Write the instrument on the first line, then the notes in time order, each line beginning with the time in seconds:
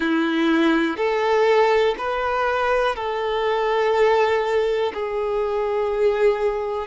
violin
0.00 E4
0.96 A4
1.98 B4
2.95 A4
4.93 G#4